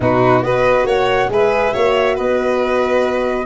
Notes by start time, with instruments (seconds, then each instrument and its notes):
0.00 tuba B2, horn D#4, violin F#4, flute B4
0.42 tuba B3, horn F#4, violin B4, flute D#5
0.85 tuba A#3, violin C#5, flute F#5
1.29 tuba G#3, horn G#4, violin B4, flute E5
1.73 tuba A#3, horn F#4, violin C#5
2.14 tuba B3, violin B4, flute D#5